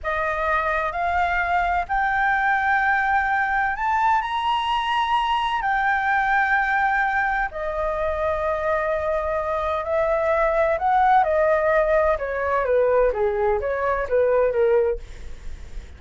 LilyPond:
\new Staff \with { instrumentName = "flute" } { \time 4/4 \tempo 4 = 128 dis''2 f''2 | g''1 | a''4 ais''2. | g''1 |
dis''1~ | dis''4 e''2 fis''4 | dis''2 cis''4 b'4 | gis'4 cis''4 b'4 ais'4 | }